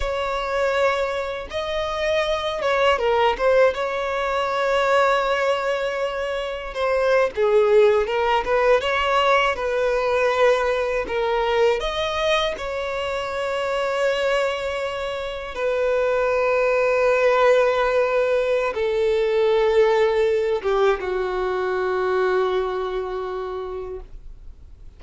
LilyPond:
\new Staff \with { instrumentName = "violin" } { \time 4/4 \tempo 4 = 80 cis''2 dis''4. cis''8 | ais'8 c''8 cis''2.~ | cis''4 c''8. gis'4 ais'8 b'8 cis''16~ | cis''8. b'2 ais'4 dis''16~ |
dis''8. cis''2.~ cis''16~ | cis''8. b'2.~ b'16~ | b'4 a'2~ a'8 g'8 | fis'1 | }